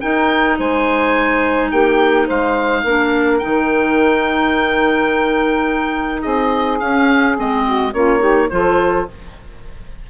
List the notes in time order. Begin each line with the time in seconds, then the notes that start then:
0.00 D#4 A#4 G5
0.58 G#3 C5 G#5
1.70 A#3 G4 G5
2.26 G#3 C5 F5
2.83 A#3 D4 A#4
3.38 D#4 G5
3.44 D#3
6.21 C4 G#4 D#5
6.79 C#4 F5
7.35 G#3 C4 D#5
7.64 F#4
7.93 A#3 C#4 F4 C#5
8.19 D#4 G4
8.49 F3 F4 A4 C5